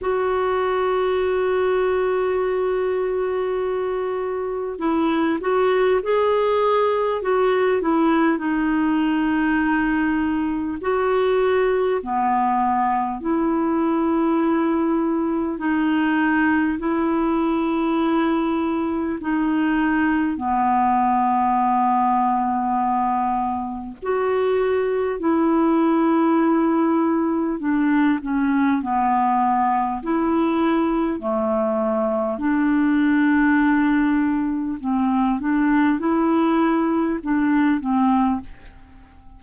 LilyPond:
\new Staff \with { instrumentName = "clarinet" } { \time 4/4 \tempo 4 = 50 fis'1 | e'8 fis'8 gis'4 fis'8 e'8 dis'4~ | dis'4 fis'4 b4 e'4~ | e'4 dis'4 e'2 |
dis'4 b2. | fis'4 e'2 d'8 cis'8 | b4 e'4 a4 d'4~ | d'4 c'8 d'8 e'4 d'8 c'8 | }